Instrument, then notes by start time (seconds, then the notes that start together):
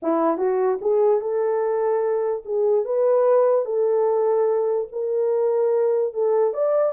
horn
0.02 E4
0.37 F#4
0.81 G#4
1.20 A4
2.45 G#4
2.84 B4
3.65 A4
4.92 A#4
6.13 A4
6.53 D5